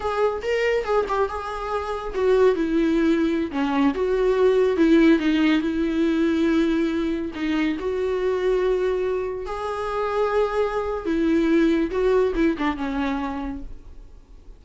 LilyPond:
\new Staff \with { instrumentName = "viola" } { \time 4/4 \tempo 4 = 141 gis'4 ais'4 gis'8 g'8 gis'4~ | gis'4 fis'4 e'2~ | e'16 cis'4 fis'2 e'8.~ | e'16 dis'4 e'2~ e'8.~ |
e'4~ e'16 dis'4 fis'4.~ fis'16~ | fis'2~ fis'16 gis'4.~ gis'16~ | gis'2 e'2 | fis'4 e'8 d'8 cis'2 | }